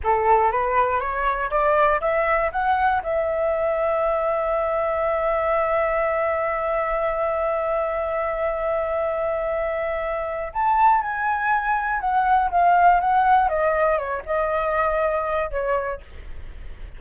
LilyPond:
\new Staff \with { instrumentName = "flute" } { \time 4/4 \tempo 4 = 120 a'4 b'4 cis''4 d''4 | e''4 fis''4 e''2~ | e''1~ | e''1~ |
e''1~ | e''4 a''4 gis''2 | fis''4 f''4 fis''4 dis''4 | cis''8 dis''2~ dis''8 cis''4 | }